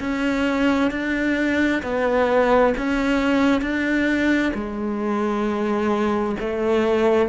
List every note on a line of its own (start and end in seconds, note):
0.00 0.91 C#4
0.91 1.82 D4
1.83 2.74 B3
2.78 3.62 C#4
3.62 4.52 D4
4.54 6.36 G#3
6.40 7.29 A3